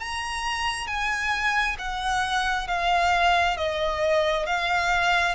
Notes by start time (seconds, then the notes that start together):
0.00 A#5
0.87 G#5
1.79 F#5
2.68 F5
3.57 D#5
4.47 F5